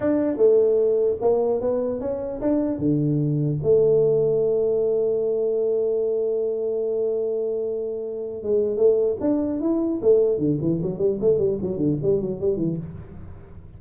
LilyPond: \new Staff \with { instrumentName = "tuba" } { \time 4/4 \tempo 4 = 150 d'4 a2 ais4 | b4 cis'4 d'4 d4~ | d4 a2.~ | a1~ |
a1~ | a4 gis4 a4 d'4 | e'4 a4 d8 e8 fis8 g8 | a8 g8 fis8 d8 g8 fis8 g8 e8 | }